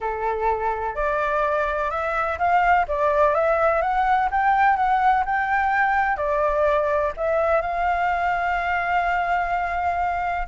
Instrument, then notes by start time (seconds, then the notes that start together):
flute
0.01 A4
0.95 D5
1.90 E5
2.38 F5
2.87 D5
3.34 E5
3.81 F#5
4.31 G5
4.76 F#5
5.25 G5
6.16 D5
7.16 E5
7.61 F5